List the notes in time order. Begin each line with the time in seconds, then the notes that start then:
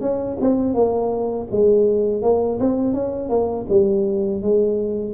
0.00 C#4
0.40 C4
0.74 A#3
1.51 G#3
2.22 A#3
2.59 C4
2.93 C#4
3.29 A#3
3.69 G3
4.41 G#3